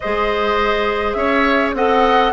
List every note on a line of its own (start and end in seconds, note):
0.00 1.15 G#3
0.00 1.76 G#4
0.00 1.17 C5
0.00 1.12 D#5
1.12 1.73 C#4
1.12 1.75 C#5
1.12 1.71 E5
1.73 2.32 C4
1.73 2.32 A4
1.73 2.32 D#5
1.73 2.32 F#5